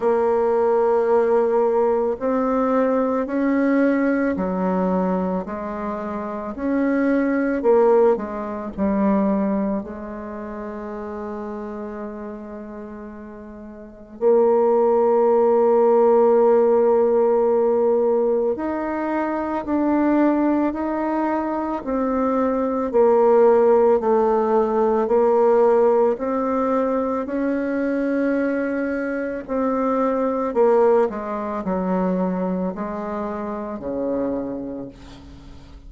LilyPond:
\new Staff \with { instrumentName = "bassoon" } { \time 4/4 \tempo 4 = 55 ais2 c'4 cis'4 | fis4 gis4 cis'4 ais8 gis8 | g4 gis2.~ | gis4 ais2.~ |
ais4 dis'4 d'4 dis'4 | c'4 ais4 a4 ais4 | c'4 cis'2 c'4 | ais8 gis8 fis4 gis4 cis4 | }